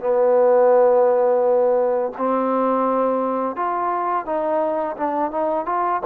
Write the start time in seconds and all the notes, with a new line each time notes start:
0.00 B3
2.17 C4
3.56 F4
4.25 D#4
4.96 D4
5.31 D#4
5.66 F4